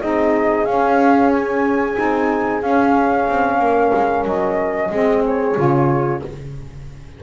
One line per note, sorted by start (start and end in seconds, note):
0.00 0.66 C4
0.00 0.65 D#4
0.00 3.59 G#4
0.00 0.65 D#5
0.65 1.95 C#4
0.65 1.96 C#4
0.65 1.30 F5
1.32 2.62 G#5
1.95 2.62 C4
1.95 2.60 D#4
2.62 3.27 C#4
2.62 4.90 C#4
2.62 4.25 F5
3.28 3.59 C4
3.59 3.91 A#3
3.59 4.90 A#4
3.94 4.24 G#3
4.24 4.90 F#3
4.24 5.23 D#5
4.90 5.56 G#3
4.90 5.55 C4
4.90 6.20 G#4
5.25 6.23 C#5
5.55 6.22 C#3
5.55 6.20 F4